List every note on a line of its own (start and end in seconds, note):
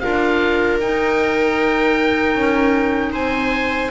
0.00 0.81 D4
0.00 0.81 F4
0.00 3.12 A#4
0.00 0.78 F5
0.81 2.35 D#4
0.81 3.92 D#4
0.81 3.14 G5
2.35 3.13 C#4
3.12 3.91 C4
3.12 3.90 C5
3.12 3.92 G#5